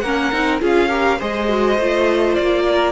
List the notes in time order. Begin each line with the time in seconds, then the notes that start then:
0.00 A#3 C#4 A#4 F#5
0.33 C4 D#4
0.60 C#4 F4 G#4
0.66 F5
0.89 G4 A#4
1.18 G#3 G#4 C5 D#5
1.49 F#4
1.79 A3 F4
2.35 A#3 D5
2.69 A#4